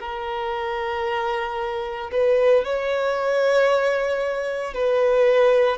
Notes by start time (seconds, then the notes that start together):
0.00 A#4
2.11 B4
2.64 C#5
4.74 B4